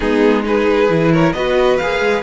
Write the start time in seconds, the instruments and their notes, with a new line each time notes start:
0.00 cello G#3, viola B3, violin D#4 G#4
0.43 viola D#4, violin G#4 B4
0.89 cello E3, viola E4
1.12 violin A#4 C#5
1.33 cello B3, viola F#4, violin B4 D#5
1.77 cello A#3, viola G#4, violin F5
2.00 cello G#3